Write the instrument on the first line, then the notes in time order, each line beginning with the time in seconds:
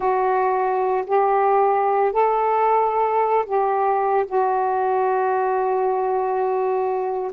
saxophone
0.00 F#4
1.06 G4
2.12 A4
3.46 G4
4.26 F#4